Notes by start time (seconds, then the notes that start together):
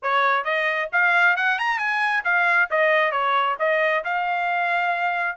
0.02 C#5
0.44 D#5
0.92 F5
1.36 F#5
1.58 A#5
1.78 G#5
2.24 F5
2.70 D#5
3.11 C#5
3.59 D#5
4.04 F5